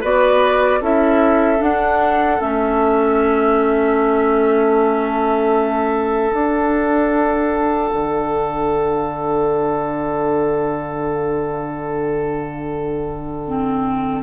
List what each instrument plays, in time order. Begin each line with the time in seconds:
0.00 bassoon B3, clarinet F#4, oboe B4, flute D5
0.81 bassoon C#4, clarinet E4, oboe A4, flute E5
1.57 clarinet D4, bassoon D4, flute F#5
2.40 bassoon A3, clarinet C#4, flute E5
6.32 bassoon D4, clarinet D4, flute F#5
7.93 bassoon D3
13.47 clarinet C4